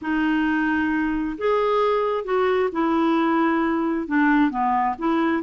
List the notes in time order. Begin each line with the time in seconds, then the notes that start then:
0.01 D#4
1.38 G#4
2.24 F#4
2.72 E4
4.07 D4
4.50 B3
4.98 E4